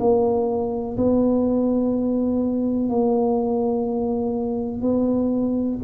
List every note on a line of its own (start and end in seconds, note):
0.00 0.97 A#3
0.97 2.89 B3
2.89 4.82 A#3
4.82 5.78 B3